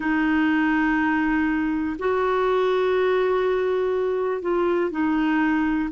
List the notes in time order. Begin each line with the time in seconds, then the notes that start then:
0.00 D#4
1.99 F#4
4.41 F4
4.90 D#4